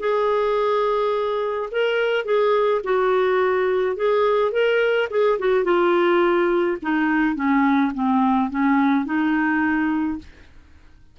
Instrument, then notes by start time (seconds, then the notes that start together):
clarinet
0.00 G#4
1.72 A#4
2.25 G#4
2.84 F#4
3.96 G#4
4.52 A#4
5.11 G#4
5.39 F#4
5.65 F4
6.83 D#4
7.36 C#4
7.95 C4
8.51 C#4
9.06 D#4